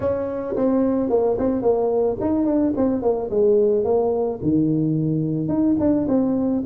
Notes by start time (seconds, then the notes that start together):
0.00 C#4
0.56 C4
1.09 A#3
1.38 C4
1.62 A#3
2.20 D#4
2.45 D4
2.76 C4
3.02 A#3
3.30 G#3
3.84 A#3
4.42 D#3
5.48 D#4
5.79 D4
6.08 C4